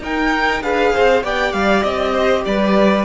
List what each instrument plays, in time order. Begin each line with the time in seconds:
0.00 cello D#4, viola D#4, violin A#4 G5
0.61 cello D4, viola G#4, violin B4 F5
0.93 cello C4, violin C5
1.23 cello B3, viola G4, violin D5 G5
1.52 cello G3, violin F5
1.83 cello C4, violin D#5
2.12 violin C5
2.45 cello G3, violin B4 D5